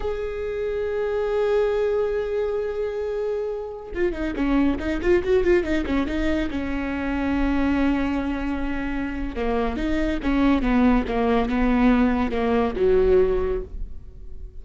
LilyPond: \new Staff \with { instrumentName = "viola" } { \time 4/4 \tempo 4 = 141 gis'1~ | gis'1~ | gis'4~ gis'16 f'8 dis'8 cis'4 dis'8 f'16~ | f'16 fis'8 f'8 dis'8 cis'8 dis'4 cis'8.~ |
cis'1~ | cis'2 ais4 dis'4 | cis'4 b4 ais4 b4~ | b4 ais4 fis2 | }